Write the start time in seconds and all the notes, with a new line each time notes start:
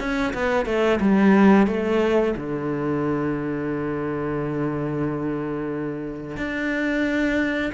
0.00 C#4
0.34 B3
0.66 A3
1.01 G3
1.67 A3
2.37 D3
6.37 D4